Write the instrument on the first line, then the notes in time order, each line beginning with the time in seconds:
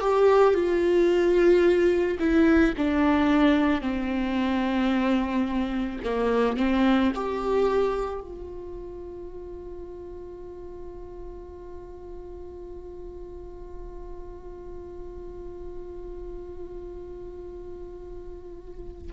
viola
0.00 G4
0.54 F4
2.19 E4
2.77 D4
3.81 C4
6.04 A#3
6.57 C4
7.15 G4
8.20 F4